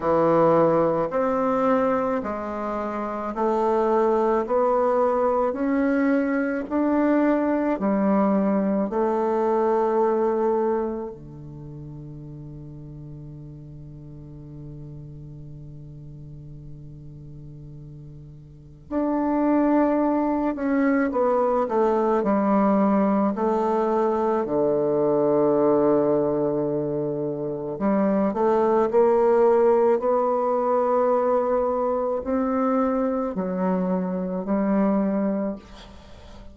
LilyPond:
\new Staff \with { instrumentName = "bassoon" } { \time 4/4 \tempo 4 = 54 e4 c'4 gis4 a4 | b4 cis'4 d'4 g4 | a2 d2~ | d1~ |
d4 d'4. cis'8 b8 a8 | g4 a4 d2~ | d4 g8 a8 ais4 b4~ | b4 c'4 fis4 g4 | }